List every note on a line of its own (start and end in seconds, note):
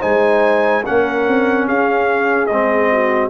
0.00 0.86 G#3
0.00 0.83 D#4
0.00 0.82 C5
0.00 0.84 G#5
0.85 1.28 A#3
0.85 2.49 C#4
0.85 1.67 A#4
0.85 1.68 F#5
1.28 1.69 C4
1.67 2.50 C#4
1.67 2.90 G#4
1.67 2.46 F5
2.46 3.30 G#3
2.46 3.30 C4
2.46 3.29 D#5
2.91 3.30 F#4